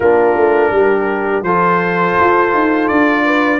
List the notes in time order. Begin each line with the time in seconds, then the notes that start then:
0.00 A#3 D4 F4 A#4
0.36 A3
0.71 G3 G4
1.42 F3 F4 A4 C5
2.20 F4
2.53 D#4
2.88 D4 D5
3.24 B4